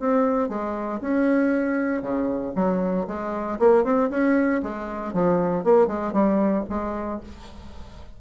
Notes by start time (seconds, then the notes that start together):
0.00 C4
0.49 G#3
1.01 C#4
2.03 C#3
2.56 F#3
3.08 G#3
3.60 A#3
3.85 C4
4.11 C#4
4.63 G#3
5.14 F3
5.64 A#3
5.88 G#3
6.13 G3
6.70 G#3